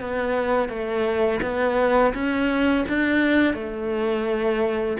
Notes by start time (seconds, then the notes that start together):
0.00 B3
0.69 A3
1.42 B3
2.13 C#4
2.88 D4
3.54 A3